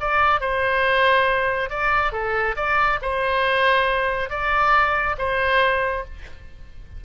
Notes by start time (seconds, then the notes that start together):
0.00 D5
0.40 C5
1.70 D5
2.12 A4
2.56 D5
3.02 C5
4.29 D5
5.18 C5